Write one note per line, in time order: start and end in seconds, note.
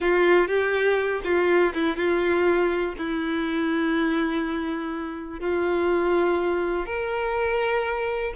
0.00 0.47 F4
0.47 1.21 G4
1.24 1.73 F4
1.73 1.96 E4
1.96 2.94 F4
2.98 5.40 E4
5.40 6.86 F4
6.86 8.33 A#4